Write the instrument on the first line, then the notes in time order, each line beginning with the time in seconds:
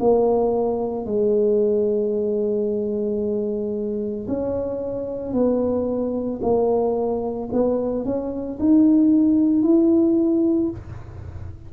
tuba
0.00 A#3
1.06 G#3
4.28 C#4
5.33 B3
6.43 A#3
7.53 B3
8.05 C#4
8.60 D#4
9.63 E4